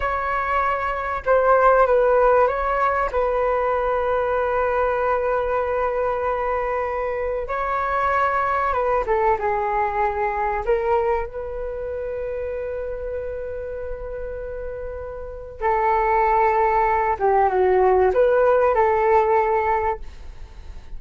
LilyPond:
\new Staff \with { instrumentName = "flute" } { \time 4/4 \tempo 4 = 96 cis''2 c''4 b'4 | cis''4 b'2.~ | b'1 | cis''2 b'8 a'8 gis'4~ |
gis'4 ais'4 b'2~ | b'1~ | b'4 a'2~ a'8 g'8 | fis'4 b'4 a'2 | }